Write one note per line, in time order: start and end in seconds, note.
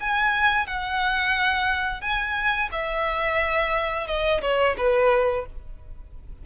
0.00 0.67 G#5
0.67 2.01 F#5
2.01 2.69 G#5
2.72 4.07 E5
4.07 4.41 D#5
4.42 4.76 C#5
4.78 5.46 B4